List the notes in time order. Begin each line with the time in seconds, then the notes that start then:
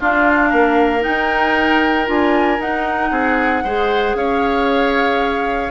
0.00 D4 F4 F5
0.49 A#3 A#4
1.00 D#4 G5
1.06 D#4
2.06 D4 F4 G#5
2.59 D#4 F#5
3.11 C4 G#4
3.64 G#3 G#4 C5
4.14 C#4 C#5 F5